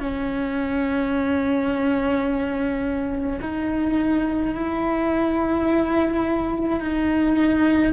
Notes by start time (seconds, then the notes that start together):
0.00 C#4
3.42 D#4
4.55 E4
6.80 D#4